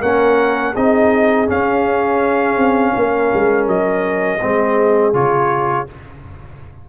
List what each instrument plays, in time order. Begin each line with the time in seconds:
0.00 tuba A#3, trombone C#4, horn A#4, trumpet F#5
0.73 tuba C4, trombone D#4, horn G#4, trumpet D#5
1.47 trombone C#4, tuba C#4, trumpet F5
2.57 tuba C4
2.94 tuba A#3, horn A#4
3.34 tuba G#3
3.68 tuba F#3, trumpet D#5
4.41 tuba G#3, trombone C4, horn G#4
5.14 tuba C#3, trombone F4, trumpet C#5